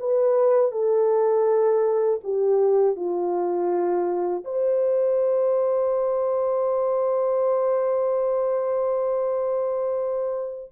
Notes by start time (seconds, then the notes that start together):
0.00 B4
0.72 A4
2.24 G4
2.96 F4
4.45 C5